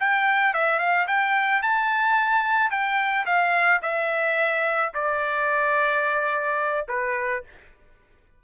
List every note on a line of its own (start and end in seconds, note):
0.00 0.54 G5
0.54 0.79 E5
0.79 1.07 F5
1.08 1.62 G5
1.62 2.71 A5
2.71 3.26 G5
3.26 3.81 F5
3.82 4.92 E5
4.94 6.87 D5
6.89 7.44 B4